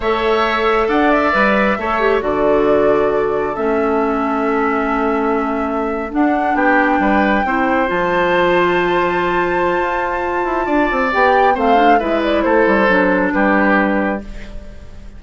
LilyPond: <<
  \new Staff \with { instrumentName = "flute" } { \time 4/4 \tempo 4 = 135 e''2 fis''8 e''4.~ | e''4 d''2. | e''1~ | e''4.~ e''16 fis''4 g''4~ g''16~ |
g''4.~ g''16 a''2~ a''16~ | a''1~ | a''4 g''4 f''4 e''8 d''8 | c''2 b'2 | }
  \new Staff \with { instrumentName = "oboe" } { \time 4/4 cis''2 d''2 | cis''4 a'2.~ | a'1~ | a'2~ a'8. g'4 b'16~ |
b'8. c''2.~ c''16~ | c''1 | d''2 c''4 b'4 | a'2 g'2 | }
  \new Staff \with { instrumentName = "clarinet" } { \time 4/4 a'2. b'4 | a'8 g'8 fis'2. | cis'1~ | cis'4.~ cis'16 d'2~ d'16~ |
d'8. e'4 f'2~ f'16~ | f'1~ | f'4 g'4 c'8 d'8 e'4~ | e'4 d'2. | }
  \new Staff \with { instrumentName = "bassoon" } { \time 4/4 a2 d'4 g4 | a4 d2. | a1~ | a4.~ a16 d'4 b4 g16~ |
g8. c'4 f2~ f16~ | f2 f'4. e'8 | d'8 c'8 b4 a4 gis4 | a8 g8 fis4 g2 | }
>>